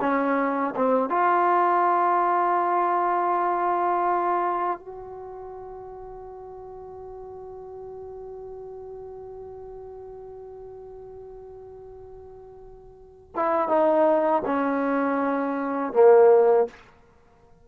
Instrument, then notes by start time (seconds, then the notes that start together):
trombone
0.00 C#4
0.75 C4
1.09 F4
4.80 F#4
13.35 E4
13.68 D#4
14.45 C#4
15.93 A#3